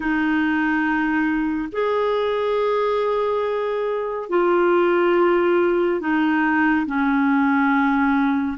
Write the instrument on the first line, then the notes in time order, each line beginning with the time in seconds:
clarinet
0.00 D#4
1.71 G#4
4.29 F4
6.00 D#4
6.86 C#4